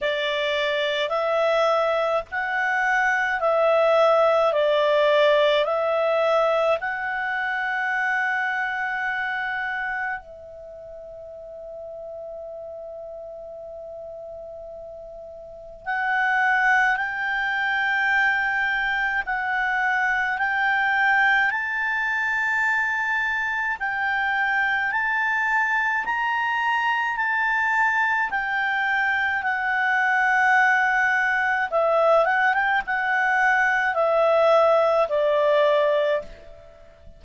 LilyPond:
\new Staff \with { instrumentName = "clarinet" } { \time 4/4 \tempo 4 = 53 d''4 e''4 fis''4 e''4 | d''4 e''4 fis''2~ | fis''4 e''2.~ | e''2 fis''4 g''4~ |
g''4 fis''4 g''4 a''4~ | a''4 g''4 a''4 ais''4 | a''4 g''4 fis''2 | e''8 fis''16 g''16 fis''4 e''4 d''4 | }